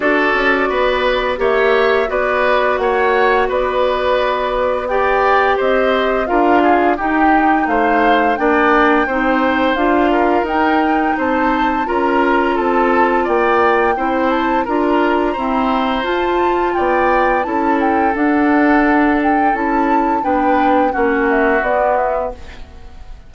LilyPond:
<<
  \new Staff \with { instrumentName = "flute" } { \time 4/4 \tempo 4 = 86 d''2 e''4 d''4 | fis''4 d''2 g''4 | dis''4 f''4 g''4 f''4 | g''2 f''4 g''4 |
a''4 ais''4 a''4 g''4~ | g''8 a''8 ais''2 a''4 | g''4 a''8 g''8 fis''4. g''8 | a''4 g''4 fis''8 e''8 d''8 e''8 | }
  \new Staff \with { instrumentName = "oboe" } { \time 4/4 a'4 b'4 cis''4 b'4 | cis''4 b'2 d''4 | c''4 ais'8 gis'8 g'4 c''4 | d''4 c''4. ais'4. |
c''4 ais'4 a'4 d''4 | c''4 ais'4 c''2 | d''4 a'2.~ | a'4 b'4 fis'2 | }
  \new Staff \with { instrumentName = "clarinet" } { \time 4/4 fis'2 g'4 fis'4~ | fis'2. g'4~ | g'4 f'4 dis'2 | d'4 dis'4 f'4 dis'4~ |
dis'4 f'2. | e'4 f'4 c'4 f'4~ | f'4 e'4 d'2 | e'4 d'4 cis'4 b4 | }
  \new Staff \with { instrumentName = "bassoon" } { \time 4/4 d'8 cis'8 b4 ais4 b4 | ais4 b2. | c'4 d'4 dis'4 a4 | ais4 c'4 d'4 dis'4 |
c'4 cis'4 c'4 ais4 | c'4 d'4 e'4 f'4 | b4 cis'4 d'2 | cis'4 b4 ais4 b4 | }
>>